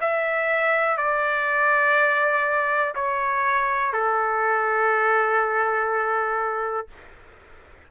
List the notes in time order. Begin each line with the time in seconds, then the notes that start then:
0.00 E5
0.97 D5
2.95 C#5
3.93 A4